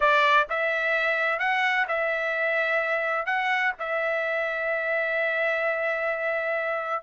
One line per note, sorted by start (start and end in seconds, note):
0.00 0.47 D5
0.49 1.39 E5
1.39 1.86 F#5
1.88 3.26 E5
3.26 3.72 F#5
3.79 7.03 E5